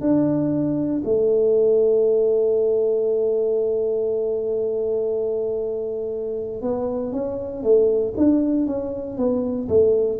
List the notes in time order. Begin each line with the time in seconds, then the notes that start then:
0.00 D4
1.04 A3
6.61 B3
7.12 C#4
7.63 A3
8.17 D4
8.66 C#4
9.17 B3
9.68 A3